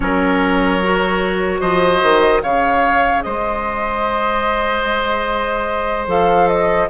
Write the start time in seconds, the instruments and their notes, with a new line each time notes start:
0.00 bassoon F#3, clarinet C#4, oboe A#4, flute C#5
0.82 clarinet F#4
1.60 bassoon F3, oboe C5, flute D#5
2.02 bassoon D#3
2.42 bassoon C#3, clarinet G#4, oboe C#5, flute F5
3.22 bassoon G#3, oboe C5, flute D#5
6.07 bassoon F3, clarinet A4, flute F5
6.47 flute D#5